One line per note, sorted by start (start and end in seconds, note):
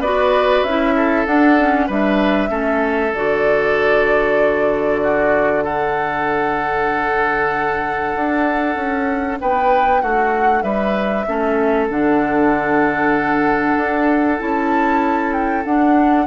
0.00 0.62 B3
0.00 0.67 F#4
0.00 0.94 B4
0.00 0.63 D5
0.63 1.26 C#4
0.63 1.27 E4
0.63 1.26 E5
0.97 1.87 A4
1.26 1.89 D4
1.26 1.58 D4
1.26 1.89 F#5
1.59 1.90 C#4
1.87 2.50 G3
1.87 2.49 D4
1.87 2.49 B4
1.87 3.14 E5
2.49 3.12 A3
2.49 3.11 C#4
2.49 5.01 A4
3.14 8.15 D3
3.14 5.66 F#4
3.14 5.64 D5
5.03 5.64 F#4
5.64 11.27 D4
5.64 9.39 A4
5.64 9.39 F#5
8.15 8.76 D4
8.76 9.38 C#4
9.41 10.03 B3
9.41 10.02 B4
9.41 10.01 G5
10.01 10.63 A3
10.01 10.63 F#4
10.01 10.62 F#5
10.62 11.26 G3
10.62 11.26 B4
10.62 11.87 E5
11.27 11.90 A3
11.27 11.90 C#4
11.27 16.27 A4
11.90 13.77 D3
11.90 14.39 D4
11.90 14.41 F#5
13.77 14.39 D4
14.39 15.65 C#4
14.39 15.64 E4
14.39 15.33 A5
15.33 15.64 G5
15.65 16.27 D4
15.65 16.27 F#5